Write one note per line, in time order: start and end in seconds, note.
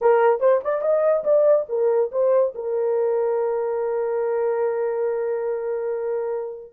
0.01 0.39 A#4
0.39 0.60 C5
0.64 0.81 D5
0.81 1.23 D#5
1.24 1.66 D5
1.69 2.11 A#4
2.11 2.53 C5
2.55 6.72 A#4